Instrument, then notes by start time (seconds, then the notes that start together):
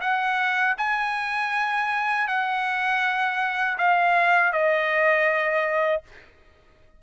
trumpet
0.00 F#5
0.77 G#5
2.27 F#5
3.78 F5
4.52 D#5